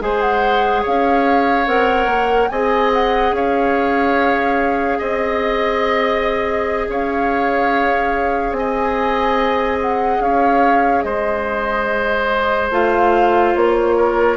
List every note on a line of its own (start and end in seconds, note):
0.00 0.85 G#3
0.00 1.67 G#4
0.00 0.82 C5
0.00 0.21 G#5
0.21 0.84 F#5
0.82 1.67 C#4
0.82 2.49 C#5
0.82 1.68 F5
1.67 2.06 C4
1.67 2.51 A#4
1.67 2.49 F#5
2.06 2.48 A#3
2.49 3.32 C4
2.49 12.72 G#4
2.49 3.35 D#5
2.49 2.91 G#5
2.94 3.35 F#5
3.32 4.99 C#4
3.32 4.99 C#5
3.32 5.02 F5
4.99 6.88 C4
4.99 6.86 D#5
4.99 6.90 D#5
6.89 8.52 C#4
6.89 8.57 C#5
6.89 8.53 F5
8.52 10.19 C4
8.52 9.78 G#5
8.59 10.24 D#5
9.81 10.21 F#5
10.20 11.03 C#4
10.20 11.05 C#5
10.20 11.02 F5
11.02 12.71 G#3
11.02 13.97 C5
11.02 12.69 D#5
12.71 13.54 A3
12.71 14.37 F4
12.71 13.56 F5
13.56 14.37 A#3
13.56 14.37 C#5
13.97 14.37 A#4